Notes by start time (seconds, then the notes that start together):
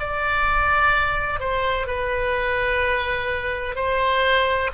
0.00 D5
1.41 C5
1.87 B4
3.76 C5